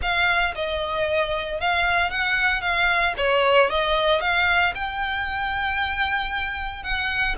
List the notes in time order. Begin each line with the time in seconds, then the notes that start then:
0.01 F5
0.55 D#5
1.60 F5
2.10 F#5
2.61 F5
3.17 C#5
3.69 D#5
4.20 F5
4.74 G5
6.83 F#5